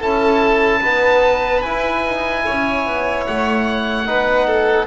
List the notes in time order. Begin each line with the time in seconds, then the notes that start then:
0.00 C#4 E4 A4 A5
0.80 B3 D#4 B4
1.62 E4 G#5
2.06 D#4
2.46 C#4 C#5
2.87 B3
3.27 A3 F#5
4.06 B3 D#4 B4
4.47 A4